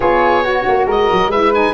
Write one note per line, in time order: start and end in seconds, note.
0.00 0.65 B3
0.00 0.42 F4
0.00 0.43 G#4
0.00 0.86 C#5
0.42 1.30 F#4
0.42 0.86 F#4
0.68 0.86 A#3
0.86 1.08 G#3
0.86 1.30 A#4
0.86 1.31 D#5
1.12 1.27 F#3
1.27 1.71 G#3
1.27 1.53 E4
1.27 1.73 B4
1.27 1.53 E5
1.53 1.73 D#4
1.53 1.73 G#5